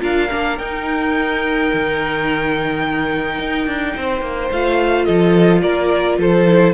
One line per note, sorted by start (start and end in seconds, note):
0.00 0.30 D4
0.00 0.28 F4
0.00 3.94 A#4
0.00 0.58 F5
0.30 0.58 A#3
0.30 0.58 D4
0.58 1.70 D#4
0.58 4.52 D#4
0.58 4.50 G5
1.72 3.38 D#3
3.38 3.66 D#4
3.66 3.94 D4
3.95 4.21 C4
3.95 5.05 C5
4.21 4.49 A#3
4.51 5.07 A3
4.51 6.47 F4
4.51 5.05 F5
5.05 5.62 F3
5.05 5.61 A4
5.05 5.61 D#5
5.61 6.18 A#3
5.61 6.18 A#4
5.61 6.17 D5
6.18 6.73 F3
6.18 6.73 A4
6.18 6.73 C5
6.47 6.73 E4